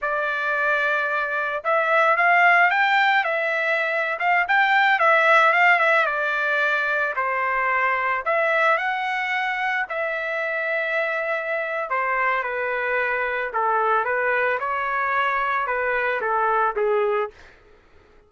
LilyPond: \new Staff \with { instrumentName = "trumpet" } { \time 4/4 \tempo 4 = 111 d''2. e''4 | f''4 g''4 e''4.~ e''16 f''16~ | f''16 g''4 e''4 f''8 e''8 d''8.~ | d''4~ d''16 c''2 e''8.~ |
e''16 fis''2 e''4.~ e''16~ | e''2 c''4 b'4~ | b'4 a'4 b'4 cis''4~ | cis''4 b'4 a'4 gis'4 | }